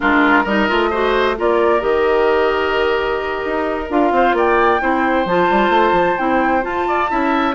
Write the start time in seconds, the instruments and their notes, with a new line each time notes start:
0.00 bassoon G#3, clarinet D4, oboe F4, flute A#4
0.43 bassoon G3, clarinet D#4, oboe A#4, flute D#5
0.68 bassoon A3, clarinet F4
0.90 clarinet F#4, oboe C5
1.36 bassoon A#3, clarinet F4, oboe A#4, flute D5
1.80 bassoon D#3, clarinet G4, flute D#5
3.45 bassoon D#4
3.89 bassoon D4, clarinet F4, flute F5
4.11 bassoon C4, oboe C5
4.33 bassoon A#3, oboe D5, flute G5
4.79 bassoon C4, clarinet E4, oboe C5
5.25 bassoon F3, clarinet F4, flute A5
5.50 bassoon G3
5.69 bassoon A3
5.92 bassoon F3
6.17 bassoon C4, clarinet E4, flute G5
6.61 clarinet F4, bassoon F4, flute A5
6.87 oboe D5
7.08 bassoon C#4, clarinet E4, oboe E5